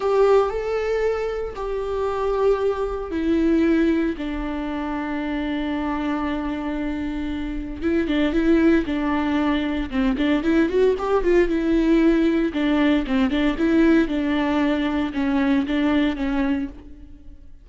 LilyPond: \new Staff \with { instrumentName = "viola" } { \time 4/4 \tempo 4 = 115 g'4 a'2 g'4~ | g'2 e'2 | d'1~ | d'2. e'8 d'8 |
e'4 d'2 c'8 d'8 | e'8 fis'8 g'8 f'8 e'2 | d'4 c'8 d'8 e'4 d'4~ | d'4 cis'4 d'4 cis'4 | }